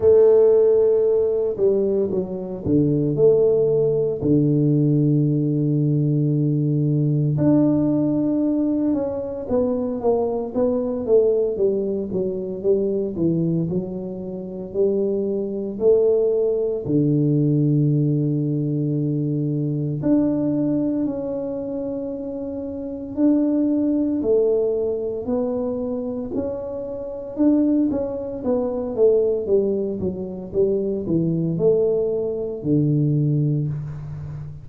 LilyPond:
\new Staff \with { instrumentName = "tuba" } { \time 4/4 \tempo 4 = 57 a4. g8 fis8 d8 a4 | d2. d'4~ | d'8 cis'8 b8 ais8 b8 a8 g8 fis8 | g8 e8 fis4 g4 a4 |
d2. d'4 | cis'2 d'4 a4 | b4 cis'4 d'8 cis'8 b8 a8 | g8 fis8 g8 e8 a4 d4 | }